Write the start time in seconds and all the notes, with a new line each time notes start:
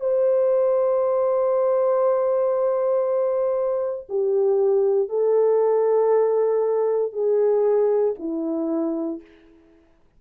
0.00 C5
4.09 G4
5.09 A4
7.12 G#4
8.19 E4